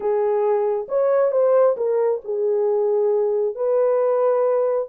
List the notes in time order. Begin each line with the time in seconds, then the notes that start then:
0.00 G#4
0.88 C#5
1.31 C5
1.76 A#4
2.24 G#4
3.55 B4